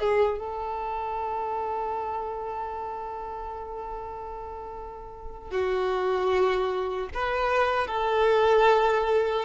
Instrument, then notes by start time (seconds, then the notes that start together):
violin
0.00 G#4
0.39 A4
5.51 F#4
7.14 B4
7.87 A4